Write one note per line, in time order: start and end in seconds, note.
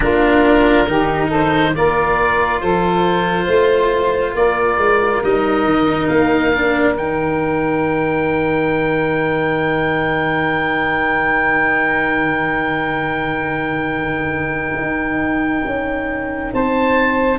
0.00 0.87 A#3
0.00 0.87 D4
0.00 0.88 F4
0.00 1.31 A#4
0.87 1.74 D#3
0.87 1.75 D#4
0.87 1.28 G4
1.28 1.71 A4
1.28 1.75 C5
1.75 2.62 A#3
1.75 5.23 F4
1.75 2.60 A#4
1.75 2.61 D5
2.60 3.47 F3
2.60 3.45 A4
2.60 4.34 C5
3.45 4.34 A3
3.45 4.32 C5
4.34 4.77 A#3
4.34 16.53 A#4
4.34 5.22 D5
4.77 5.21 G#3
5.23 5.64 G3
5.23 6.53 D#4
5.23 6.07 D#5
5.64 6.08 D#3
6.07 6.95 A#3
6.07 6.94 F5
6.54 6.97 D4
6.95 14.77 D#3
6.95 17.39 D#4
6.95 16.53 G5
14.77 15.64 D#4
15.65 16.52 C#4
16.53 17.39 C4
16.53 17.39 C5
16.53 17.39 A5